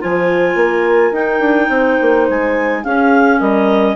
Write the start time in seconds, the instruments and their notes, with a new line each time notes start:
0.00 bassoon F3, clarinet F4 G#5, horn C5
0.54 bassoon A#3, horn A#4
1.11 bassoon D#4, clarinet D#4 G5
1.39 bassoon D4
1.69 bassoon C4, horn C5
2.01 bassoon A#3
2.29 bassoon G#3, clarinet G#5
2.84 bassoon C#4, clarinet C#4 F5, horn G#4
3.39 bassoon G3, horn A#4, clarinet D#5